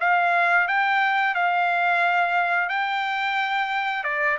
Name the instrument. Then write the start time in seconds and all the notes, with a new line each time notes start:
trumpet
0.00 F5
0.68 G5
1.35 F5
2.69 G5
4.04 D5